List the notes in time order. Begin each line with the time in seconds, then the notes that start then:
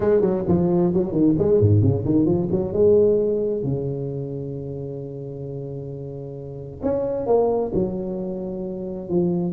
0.00 G#3
0.21 F#3
0.48 F3
0.93 F#3
1.12 D#3
1.38 G#3
1.60 G#2
1.81 C#3
2.05 D#3
2.25 F3
2.51 F#3
2.73 G#3
3.63 C#3
6.82 C#4
7.26 A#3
7.74 F#3
9.09 F3